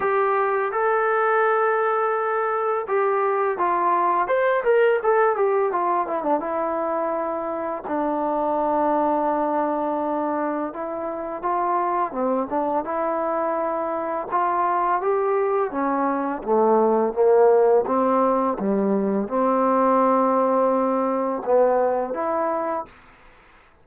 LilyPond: \new Staff \with { instrumentName = "trombone" } { \time 4/4 \tempo 4 = 84 g'4 a'2. | g'4 f'4 c''8 ais'8 a'8 g'8 | f'8 e'16 d'16 e'2 d'4~ | d'2. e'4 |
f'4 c'8 d'8 e'2 | f'4 g'4 cis'4 a4 | ais4 c'4 g4 c'4~ | c'2 b4 e'4 | }